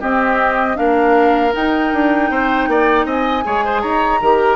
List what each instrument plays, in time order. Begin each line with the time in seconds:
0.00 clarinet C4, bassoon C4, oboe G4, flute D#5
0.75 bassoon A#3, clarinet D4, oboe A#4, flute F5
1.53 clarinet D#4, bassoon D#4, flute G5
1.93 bassoon D4
2.30 bassoon C4, oboe C5
2.67 bassoon A#3, oboe D5
3.05 bassoon C4, oboe D#5, flute G#5
3.43 bassoon G#3, clarinet G#4, oboe C#5
3.65 oboe C5
3.81 bassoon D#4, oboe C#5, flute A#5
4.21 bassoon D#3, clarinet G4, oboe A#4